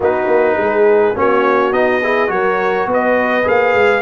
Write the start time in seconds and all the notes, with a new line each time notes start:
0.00 B3 D#4 F#4 B4
0.27 A#3
0.57 G#3 G#4
1.14 A#3 C#4 F#4 C#5
1.72 B3 D#4 D#5
2.03 E4 G#4
2.27 F#3 F#4 A#4 C#5
2.86 B3 B4
2.93 D#5
3.44 A#3 G#4 F5
3.74 G#3